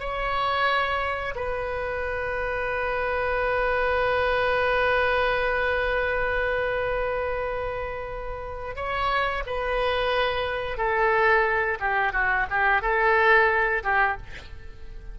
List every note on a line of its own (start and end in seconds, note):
0.00 1.35 C#5
1.35 8.76 B4
8.76 9.44 C#5
9.47 10.77 B4
10.77 11.79 A4
11.80 12.13 G4
12.13 12.47 F#4
12.50 12.82 G4
12.82 13.83 A4
13.84 14.17 G4